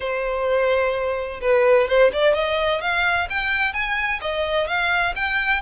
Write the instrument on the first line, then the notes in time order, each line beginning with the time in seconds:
violin
0.00 C5
1.41 B4
1.87 C5
2.13 D5
2.34 D#5
2.81 F5
3.29 G5
3.73 G#5
4.21 D#5
4.67 F5
5.15 G5